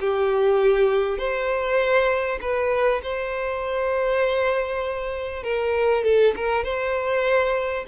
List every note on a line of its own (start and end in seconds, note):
0.00 1.18 G4
1.18 2.39 C5
2.41 3.01 B4
3.03 5.43 C5
5.43 6.04 A#4
6.04 6.34 A4
6.36 6.64 A#4
6.64 7.85 C5